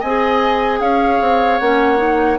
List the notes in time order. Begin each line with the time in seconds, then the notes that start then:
0.00 C4 D#5 G#5
0.06 G#4
0.80 C#4 C#5 F5
1.21 C4
1.59 A#3 C#4 F#5
1.97 D#4